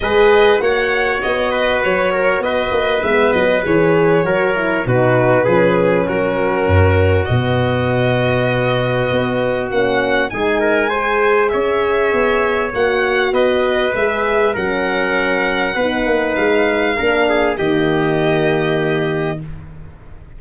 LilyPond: <<
  \new Staff \with { instrumentName = "violin" } { \time 4/4 \tempo 4 = 99 dis''4 fis''4 dis''4 cis''4 | dis''4 e''8 dis''8 cis''2 | b'2 ais'2 | dis''1 |
fis''4 gis''2 e''4~ | e''4 fis''4 dis''4 e''4 | fis''2. f''4~ | f''4 dis''2. | }
  \new Staff \with { instrumentName = "trumpet" } { \time 4/4 b'4 cis''4. b'4 ais'8 | b'2. ais'4 | fis'4 gis'4 fis'2~ | fis'1~ |
fis'4 gis'8 ais'8 c''4 cis''4~ | cis''2 b'2 | ais'2 b'2 | ais'8 gis'8 g'2. | }
  \new Staff \with { instrumentName = "horn" } { \time 4/4 gis'4 fis'2.~ | fis'4 b4 gis'4 fis'8 e'8 | dis'4 cis'2. | b1 |
cis'4 dis'4 gis'2~ | gis'4 fis'2 gis'4 | cis'2 dis'2 | d'4 ais2. | }
  \new Staff \with { instrumentName = "tuba" } { \time 4/4 gis4 ais4 b4 fis4 | b8 ais8 gis8 fis8 e4 fis4 | b,4 f4 fis4 fis,4 | b,2. b4 |
ais4 gis2 cis'4 | b4 ais4 b4 gis4 | fis2 b8 ais8 gis4 | ais4 dis2. | }
>>